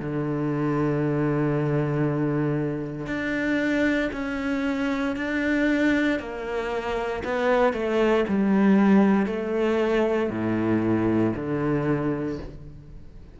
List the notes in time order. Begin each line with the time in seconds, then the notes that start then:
0.00 D3
3.06 D4
4.12 C#4
5.16 D4
6.19 A#3
7.24 B3
7.73 A3
8.28 G3
9.26 A3
10.29 A2
11.36 D3